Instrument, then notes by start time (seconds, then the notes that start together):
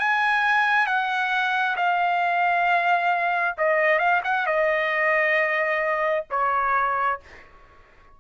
trumpet
0.00 G#5
0.87 F#5
1.77 F5
3.58 D#5
3.99 F5
4.25 F#5
4.47 D#5
6.31 C#5